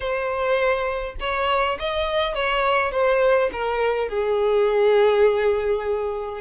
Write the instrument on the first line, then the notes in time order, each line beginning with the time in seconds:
violin
0.00 C5
1.19 C#5
1.79 D#5
2.35 C#5
2.91 C5
3.52 A#4
4.08 G#4